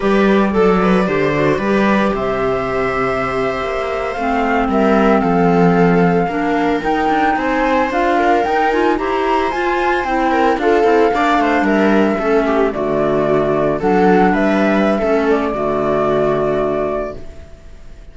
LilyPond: <<
  \new Staff \with { instrumentName = "flute" } { \time 4/4 \tempo 4 = 112 d''1 | e''2.~ e''8. f''16~ | f''8. e''4 f''2~ f''16~ | f''8. g''4 gis''4 f''4 g''16~ |
g''16 gis''8 ais''4 gis''4 g''4 f''16~ | f''4.~ f''16 e''2 d''16~ | d''4.~ d''16 fis''4 e''4~ e''16~ | e''8 d''2.~ d''8 | }
  \new Staff \with { instrumentName = "viola" } { \time 4/4 b'4 a'8 b'8 c''4 b'4 | c''1~ | c''8. ais'4 a'2 ais'16~ | ais'4.~ ais'16 c''4. ais'8.~ |
ais'8. c''2~ c''8 ais'8 a'16~ | a'8. d''8 c''8 ais'4 a'8 g'8 fis'16~ | fis'4.~ fis'16 a'4 b'4~ b'16 | a'4 fis'2. | }
  \new Staff \with { instrumentName = "clarinet" } { \time 4/4 g'4 a'4 g'8 fis'8 g'4~ | g'2.~ g'8. c'16~ | c'2.~ c'8. d'16~ | d'8. dis'2 f'4 dis'16~ |
dis'16 f'8 g'4 f'4 e'4 f'16~ | f'16 e'8 d'2 cis'4 a16~ | a4.~ a16 d'2~ d'16 | cis'4 a2. | }
  \new Staff \with { instrumentName = "cello" } { \time 4/4 g4 fis4 d4 g4 | c2~ c8. ais4 a16~ | a8. g4 f2 ais16~ | ais8. dis'8 d'8 c'4 d'4 dis'16~ |
dis'8. e'4 f'4 c'4 d'16~ | d'16 c'8 ais8 a8 g4 a4 d16~ | d4.~ d16 fis4 g4~ g16 | a4 d2. | }
>>